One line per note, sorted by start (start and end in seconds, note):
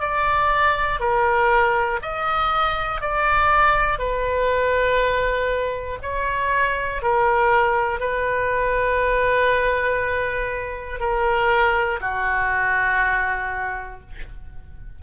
0.00 1.00 D5
1.00 2.00 A#4
2.02 3.01 D#5
3.01 3.99 D5
3.99 5.99 B4
6.02 7.02 C#5
7.02 8.00 A#4
8.00 11.00 B4
11.00 12.00 A#4
12.01 14.01 F#4